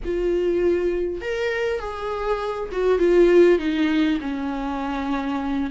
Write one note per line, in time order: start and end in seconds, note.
0.04 1.21 F4
1.21 1.79 A#4
1.79 2.69 G#4
2.72 2.98 F#4
2.98 3.58 F4
3.58 4.18 D#4
4.21 5.70 C#4